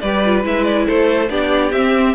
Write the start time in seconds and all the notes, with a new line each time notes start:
0.00 G3 G4 B4 D5
0.25 F4
0.43 G#3 E4 E5
0.64 D5
0.86 A3 A4 C5
1.29 B3 D4 G4 D5
1.72 C4 E5